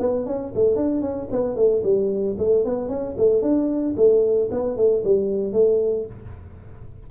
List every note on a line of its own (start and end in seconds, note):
0.00 0.26 B3
0.26 0.53 C#4
0.55 0.76 A3
0.76 1.02 D4
1.02 1.28 C#4
1.32 1.56 B3
1.56 1.83 A3
1.84 2.37 G3
2.39 2.65 A3
2.65 2.89 B3
2.89 3.16 C#4
3.18 3.42 A3
3.42 3.95 D4
3.97 4.50 A3
4.51 4.77 B3
4.77 5.03 A3
5.04 5.53 G3
5.53 6.06 A3